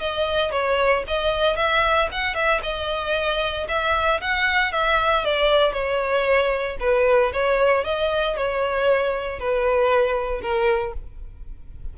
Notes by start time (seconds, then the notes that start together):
0.00 D#5
0.51 C#5
1.07 D#5
1.56 E5
2.12 F#5
2.34 E5
2.63 D#5
3.68 E5
4.21 F#5
4.72 E5
5.25 D5
5.72 C#5
6.80 B4
7.33 C#5
7.84 D#5
8.37 C#5
9.39 B4
10.41 A#4